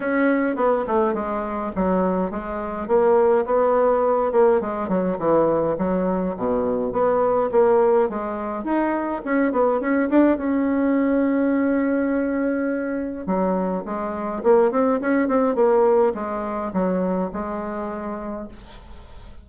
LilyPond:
\new Staff \with { instrumentName = "bassoon" } { \time 4/4 \tempo 4 = 104 cis'4 b8 a8 gis4 fis4 | gis4 ais4 b4. ais8 | gis8 fis8 e4 fis4 b,4 | b4 ais4 gis4 dis'4 |
cis'8 b8 cis'8 d'8 cis'2~ | cis'2. fis4 | gis4 ais8 c'8 cis'8 c'8 ais4 | gis4 fis4 gis2 | }